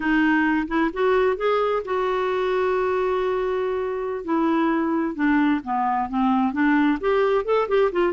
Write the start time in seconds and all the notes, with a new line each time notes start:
0.00 D#4
0.67 E4
0.93 F#4
1.36 G#4
1.84 F#4
4.24 E4
5.15 D4
5.64 B3
6.09 C4
6.52 D4
7.00 G4
7.44 A4
7.68 G4
7.91 F4